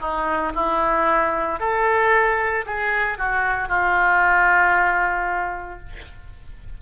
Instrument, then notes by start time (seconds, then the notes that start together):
oboe
0.00 D#4
0.55 E4
1.60 A4
2.66 G#4
3.18 F#4
3.68 F4